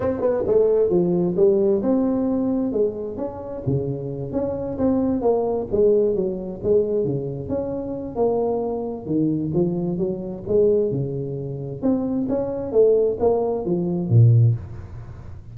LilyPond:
\new Staff \with { instrumentName = "tuba" } { \time 4/4 \tempo 4 = 132 c'8 b8 a4 f4 g4 | c'2 gis4 cis'4 | cis4. cis'4 c'4 ais8~ | ais8 gis4 fis4 gis4 cis8~ |
cis8 cis'4. ais2 | dis4 f4 fis4 gis4 | cis2 c'4 cis'4 | a4 ais4 f4 ais,4 | }